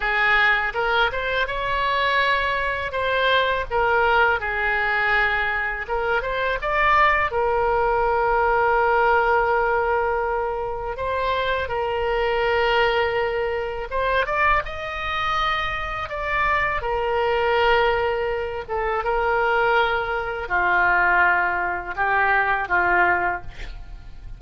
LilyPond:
\new Staff \with { instrumentName = "oboe" } { \time 4/4 \tempo 4 = 82 gis'4 ais'8 c''8 cis''2 | c''4 ais'4 gis'2 | ais'8 c''8 d''4 ais'2~ | ais'2. c''4 |
ais'2. c''8 d''8 | dis''2 d''4 ais'4~ | ais'4. a'8 ais'2 | f'2 g'4 f'4 | }